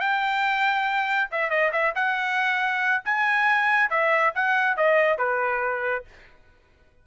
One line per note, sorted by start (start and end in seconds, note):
0.00 1.29 G5
1.31 1.50 E5
1.50 1.72 D#5
1.72 1.94 E5
1.95 3.03 F#5
3.05 3.90 G#5
3.90 4.33 E5
4.35 4.77 F#5
4.77 5.18 D#5
5.18 6.05 B4